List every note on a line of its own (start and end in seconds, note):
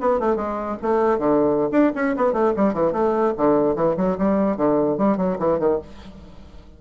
0.00 0.19 B3
0.19 0.36 A3
0.36 0.76 G#3
0.81 1.18 A3
1.18 1.69 D3
1.71 1.92 D4
1.95 2.15 C#4
2.16 2.32 B3
2.32 2.53 A3
2.56 2.73 G3
2.73 2.92 E3
2.92 3.33 A3
3.37 3.75 D3
3.75 3.96 E3
3.96 4.17 F#3
4.18 4.56 G3
4.56 4.97 D3
4.97 5.17 G3
5.17 5.37 F#3
5.38 5.59 E3
5.59 5.79 D#3